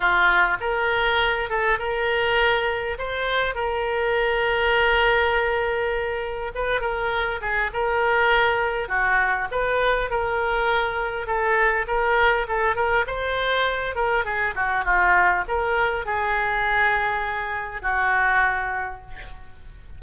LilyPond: \new Staff \with { instrumentName = "oboe" } { \time 4/4 \tempo 4 = 101 f'4 ais'4. a'8 ais'4~ | ais'4 c''4 ais'2~ | ais'2. b'8 ais'8~ | ais'8 gis'8 ais'2 fis'4 |
b'4 ais'2 a'4 | ais'4 a'8 ais'8 c''4. ais'8 | gis'8 fis'8 f'4 ais'4 gis'4~ | gis'2 fis'2 | }